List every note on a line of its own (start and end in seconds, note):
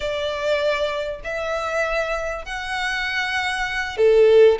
0.00 1.21 D5
1.24 2.45 E5
2.45 3.97 F#5
3.97 4.58 A4